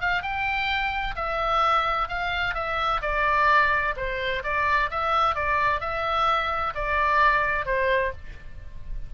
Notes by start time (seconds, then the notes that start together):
0.00 F5
0.22 G5
1.15 E5
2.08 F5
2.54 E5
3.01 D5
3.96 C5
4.43 D5
4.90 E5
5.35 D5
5.80 E5
6.75 D5
7.65 C5